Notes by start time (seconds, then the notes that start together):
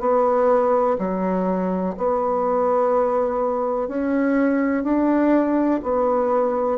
0.00 B3
0.99 F#3
1.97 B3
3.88 C#4
4.84 D4
5.83 B3